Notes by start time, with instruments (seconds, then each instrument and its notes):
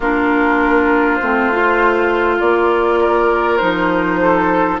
0.00 bassoon A#3, clarinet D4, oboe F4, flute A#4
1.16 flute C5
1.22 bassoon A3, clarinet C4
1.52 clarinet F4
2.40 bassoon A#3, flute D5
3.00 oboe A#4
3.57 bassoon F3, clarinet D#4, flute C5
4.21 oboe A4